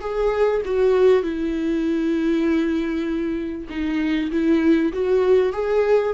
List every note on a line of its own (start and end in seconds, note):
0.00 0.61 G#4
0.65 1.22 F#4
1.22 3.67 E4
3.69 4.31 D#4
4.31 4.92 E4
4.93 5.53 F#4
5.53 6.13 G#4